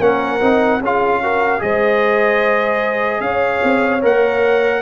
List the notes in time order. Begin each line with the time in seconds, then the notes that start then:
0.00 A#3 C#4 A#4 F#5
0.41 C4 D#4
0.81 C#4 F4 G#4 F5
1.23 F#4 A#4
1.60 G#3 G#4 C5 D#5
3.21 C#4 C#5 F5
3.64 C4
4.02 A#3 A#4 F#5